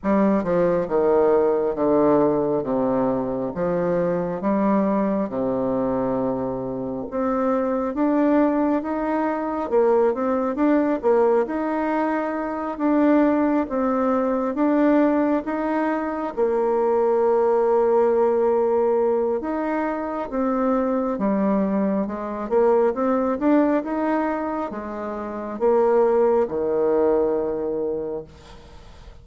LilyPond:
\new Staff \with { instrumentName = "bassoon" } { \time 4/4 \tempo 4 = 68 g8 f8 dis4 d4 c4 | f4 g4 c2 | c'4 d'4 dis'4 ais8 c'8 | d'8 ais8 dis'4. d'4 c'8~ |
c'8 d'4 dis'4 ais4.~ | ais2 dis'4 c'4 | g4 gis8 ais8 c'8 d'8 dis'4 | gis4 ais4 dis2 | }